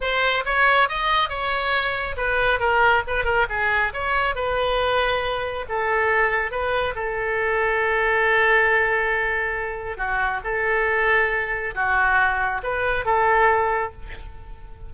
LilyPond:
\new Staff \with { instrumentName = "oboe" } { \time 4/4 \tempo 4 = 138 c''4 cis''4 dis''4 cis''4~ | cis''4 b'4 ais'4 b'8 ais'8 | gis'4 cis''4 b'2~ | b'4 a'2 b'4 |
a'1~ | a'2. fis'4 | a'2. fis'4~ | fis'4 b'4 a'2 | }